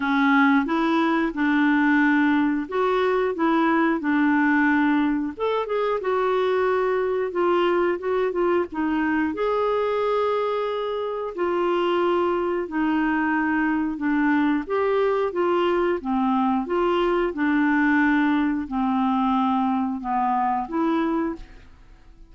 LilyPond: \new Staff \with { instrumentName = "clarinet" } { \time 4/4 \tempo 4 = 90 cis'4 e'4 d'2 | fis'4 e'4 d'2 | a'8 gis'8 fis'2 f'4 | fis'8 f'8 dis'4 gis'2~ |
gis'4 f'2 dis'4~ | dis'4 d'4 g'4 f'4 | c'4 f'4 d'2 | c'2 b4 e'4 | }